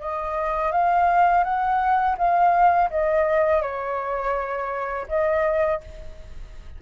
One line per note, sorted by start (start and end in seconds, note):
0.00 0.72 D#5
0.72 1.43 F5
1.43 2.16 F#5
2.17 2.89 F5
2.90 3.61 D#5
3.61 5.06 C#5
5.08 5.80 D#5